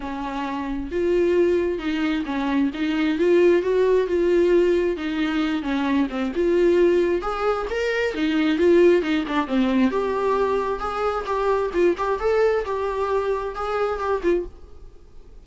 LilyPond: \new Staff \with { instrumentName = "viola" } { \time 4/4 \tempo 4 = 133 cis'2 f'2 | dis'4 cis'4 dis'4 f'4 | fis'4 f'2 dis'4~ | dis'8 cis'4 c'8 f'2 |
gis'4 ais'4 dis'4 f'4 | dis'8 d'8 c'4 g'2 | gis'4 g'4 f'8 g'8 a'4 | g'2 gis'4 g'8 f'8 | }